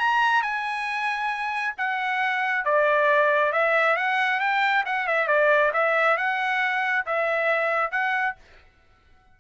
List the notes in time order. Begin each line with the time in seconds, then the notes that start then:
0.00 A#5
0.43 G#5
1.78 F#5
2.65 D5
3.53 E5
3.97 F#5
4.41 G5
4.86 F#5
5.08 E5
5.28 D5
5.74 E5
6.17 F#5
7.06 E5
7.92 F#5